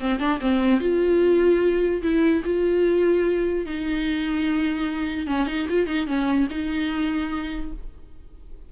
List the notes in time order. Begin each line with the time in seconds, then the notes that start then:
0.00 C4
0.20 D4
0.41 C4
0.81 F4
2.03 E4
2.45 F4
3.66 D#4
5.27 C#4
5.47 D#4
5.70 F4
5.87 D#4
6.07 C#4
6.51 D#4